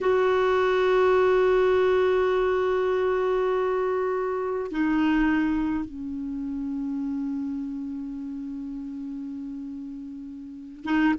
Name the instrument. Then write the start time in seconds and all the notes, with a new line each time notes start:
clarinet
0.00 F#4
4.71 D#4
5.84 C#4
10.84 D#4